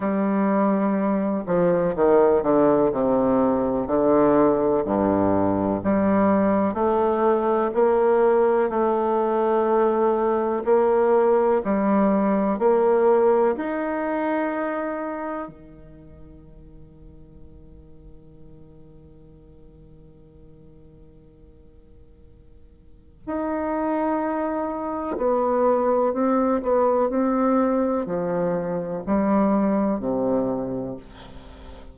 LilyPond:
\new Staff \with { instrumentName = "bassoon" } { \time 4/4 \tempo 4 = 62 g4. f8 dis8 d8 c4 | d4 g,4 g4 a4 | ais4 a2 ais4 | g4 ais4 dis'2 |
dis1~ | dis1 | dis'2 b4 c'8 b8 | c'4 f4 g4 c4 | }